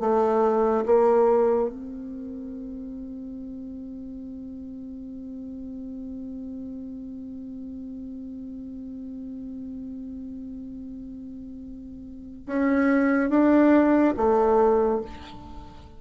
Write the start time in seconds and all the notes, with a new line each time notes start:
0.00 A3
0.86 A#3
1.69 C4
12.46 C#4
13.30 D4
14.17 A3